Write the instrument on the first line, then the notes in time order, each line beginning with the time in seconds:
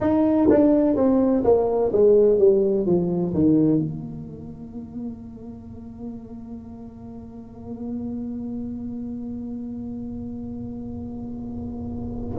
tuba
0.00 D#4
0.49 D4
0.95 C4
1.43 A#3
1.92 G#3
2.38 G3
2.86 F3
3.34 D#3
3.79 A#3